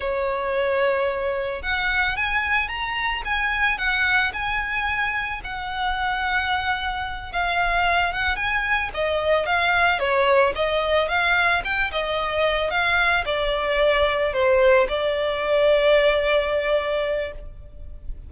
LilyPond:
\new Staff \with { instrumentName = "violin" } { \time 4/4 \tempo 4 = 111 cis''2. fis''4 | gis''4 ais''4 gis''4 fis''4 | gis''2 fis''2~ | fis''4. f''4. fis''8 gis''8~ |
gis''8 dis''4 f''4 cis''4 dis''8~ | dis''8 f''4 g''8 dis''4. f''8~ | f''8 d''2 c''4 d''8~ | d''1 | }